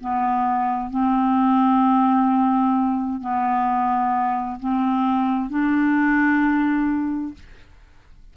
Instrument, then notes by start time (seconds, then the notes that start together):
clarinet
0.00 B3
0.90 C4
3.21 B3
4.59 C4
5.49 D4